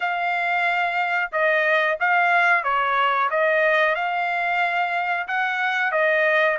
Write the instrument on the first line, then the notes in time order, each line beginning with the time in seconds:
trumpet
0.00 F5
1.32 D#5
2.00 F5
2.63 C#5
3.30 D#5
3.95 F5
5.27 F#5
5.91 D#5